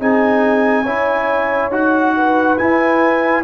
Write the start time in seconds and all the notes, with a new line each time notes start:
0.00 C4 D#4 G#4 G#5
0.83 C#4 E4 C#5
1.71 D#4 F#4 F#5
2.17 B4
2.58 E4 G#5